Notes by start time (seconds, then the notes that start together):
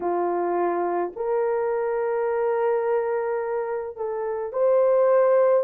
0.00 F4
1.16 A#4
3.96 A4
4.52 C5